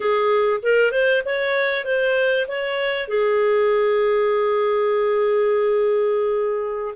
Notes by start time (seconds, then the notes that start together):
0.00 G#4
0.62 A#4
0.91 C5
1.25 C#5
1.84 C5
2.47 C#5
3.08 G#4